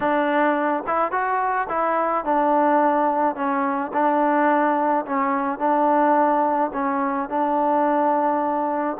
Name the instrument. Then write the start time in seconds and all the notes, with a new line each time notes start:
trombone
0.00 D4
0.86 E4
1.11 F#4
1.68 E4
2.25 D4
3.35 C#4
3.93 D4
5.05 C#4
5.58 D4
6.73 C#4
7.29 D4